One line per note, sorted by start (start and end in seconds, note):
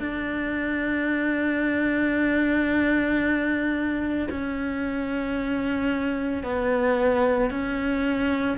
0.00 4.29 D4
4.31 6.44 C#4
6.44 7.50 B3
7.50 8.58 C#4